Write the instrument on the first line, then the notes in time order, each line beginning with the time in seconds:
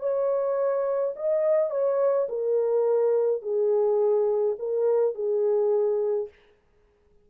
horn
0.00 C#5
1.16 D#5
1.71 C#5
2.29 A#4
3.42 G#4
4.59 A#4
5.15 G#4